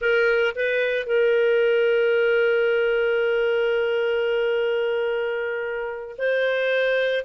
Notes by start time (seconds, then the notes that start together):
0.01 A#4
0.55 B4
1.06 A#4
6.18 C5